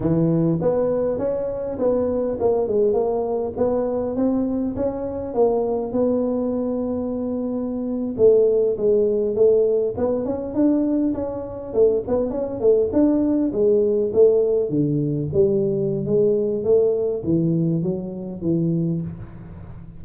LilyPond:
\new Staff \with { instrumentName = "tuba" } { \time 4/4 \tempo 4 = 101 e4 b4 cis'4 b4 | ais8 gis8 ais4 b4 c'4 | cis'4 ais4 b2~ | b4.~ b16 a4 gis4 a16~ |
a8. b8 cis'8 d'4 cis'4 a16~ | a16 b8 cis'8 a8 d'4 gis4 a16~ | a8. d4 g4~ g16 gis4 | a4 e4 fis4 e4 | }